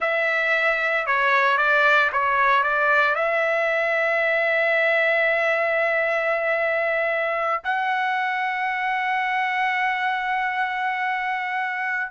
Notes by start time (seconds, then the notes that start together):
0.00 E5
1.06 C#5
1.57 D5
2.12 C#5
2.63 D5
3.15 E5
7.63 F#5